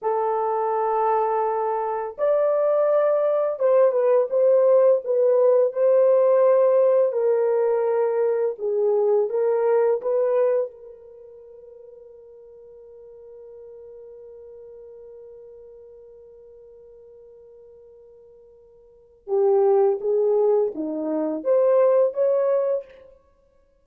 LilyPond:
\new Staff \with { instrumentName = "horn" } { \time 4/4 \tempo 4 = 84 a'2. d''4~ | d''4 c''8 b'8 c''4 b'4 | c''2 ais'2 | gis'4 ais'4 b'4 ais'4~ |
ais'1~ | ais'1~ | ais'2. g'4 | gis'4 dis'4 c''4 cis''4 | }